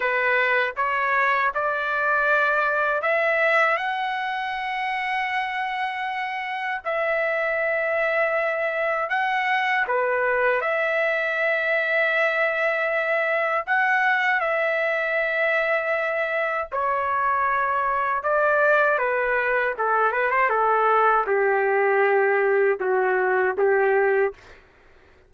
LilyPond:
\new Staff \with { instrumentName = "trumpet" } { \time 4/4 \tempo 4 = 79 b'4 cis''4 d''2 | e''4 fis''2.~ | fis''4 e''2. | fis''4 b'4 e''2~ |
e''2 fis''4 e''4~ | e''2 cis''2 | d''4 b'4 a'8 b'16 c''16 a'4 | g'2 fis'4 g'4 | }